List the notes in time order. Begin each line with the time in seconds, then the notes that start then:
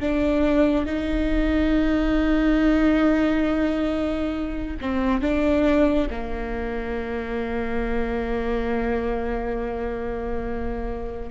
0.00 D4
0.86 D#4
4.81 C4
5.22 D4
6.10 A#3